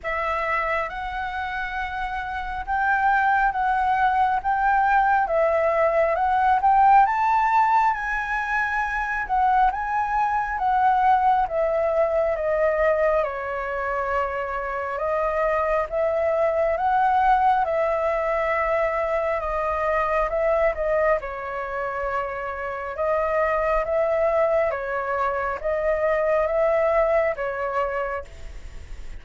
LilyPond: \new Staff \with { instrumentName = "flute" } { \time 4/4 \tempo 4 = 68 e''4 fis''2 g''4 | fis''4 g''4 e''4 fis''8 g''8 | a''4 gis''4. fis''8 gis''4 | fis''4 e''4 dis''4 cis''4~ |
cis''4 dis''4 e''4 fis''4 | e''2 dis''4 e''8 dis''8 | cis''2 dis''4 e''4 | cis''4 dis''4 e''4 cis''4 | }